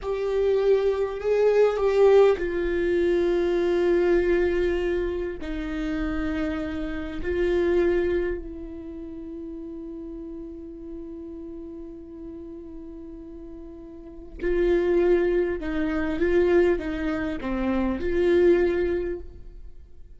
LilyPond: \new Staff \with { instrumentName = "viola" } { \time 4/4 \tempo 4 = 100 g'2 gis'4 g'4 | f'1~ | f'4 dis'2. | f'2 e'2~ |
e'1~ | e'1 | f'2 dis'4 f'4 | dis'4 c'4 f'2 | }